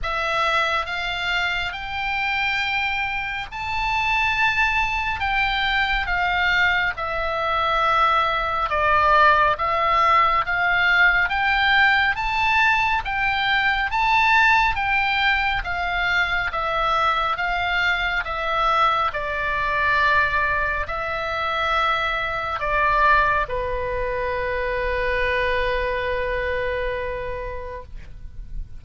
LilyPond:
\new Staff \with { instrumentName = "oboe" } { \time 4/4 \tempo 4 = 69 e''4 f''4 g''2 | a''2 g''4 f''4 | e''2 d''4 e''4 | f''4 g''4 a''4 g''4 |
a''4 g''4 f''4 e''4 | f''4 e''4 d''2 | e''2 d''4 b'4~ | b'1 | }